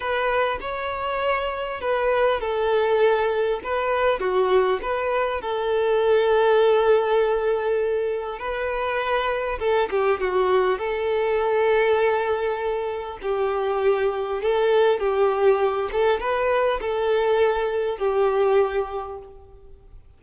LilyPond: \new Staff \with { instrumentName = "violin" } { \time 4/4 \tempo 4 = 100 b'4 cis''2 b'4 | a'2 b'4 fis'4 | b'4 a'2.~ | a'2 b'2 |
a'8 g'8 fis'4 a'2~ | a'2 g'2 | a'4 g'4. a'8 b'4 | a'2 g'2 | }